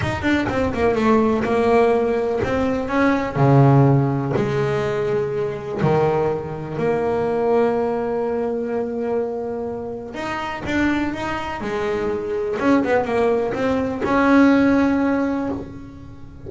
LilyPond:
\new Staff \with { instrumentName = "double bass" } { \time 4/4 \tempo 4 = 124 dis'8 d'8 c'8 ais8 a4 ais4~ | ais4 c'4 cis'4 cis4~ | cis4 gis2. | dis2 ais2~ |
ais1~ | ais4 dis'4 d'4 dis'4 | gis2 cis'8 b8 ais4 | c'4 cis'2. | }